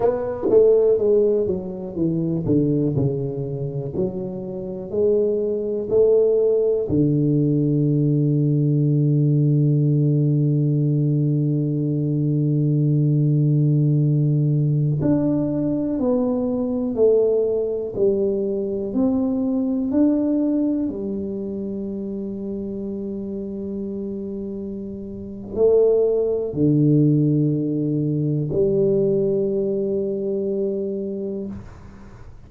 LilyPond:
\new Staff \with { instrumentName = "tuba" } { \time 4/4 \tempo 4 = 61 b8 a8 gis8 fis8 e8 d8 cis4 | fis4 gis4 a4 d4~ | d1~ | d2.~ d16 d'8.~ |
d'16 b4 a4 g4 c'8.~ | c'16 d'4 g2~ g8.~ | g2 a4 d4~ | d4 g2. | }